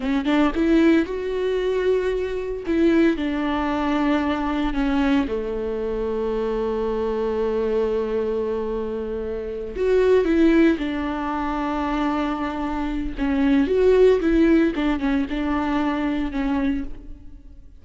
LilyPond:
\new Staff \with { instrumentName = "viola" } { \time 4/4 \tempo 4 = 114 cis'8 d'8 e'4 fis'2~ | fis'4 e'4 d'2~ | d'4 cis'4 a2~ | a1~ |
a2~ a8 fis'4 e'8~ | e'8 d'2.~ d'8~ | d'4 cis'4 fis'4 e'4 | d'8 cis'8 d'2 cis'4 | }